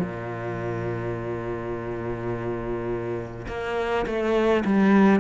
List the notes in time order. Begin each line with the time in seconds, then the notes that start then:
0.00 A#2
3.48 A#3
4.06 A3
4.65 G3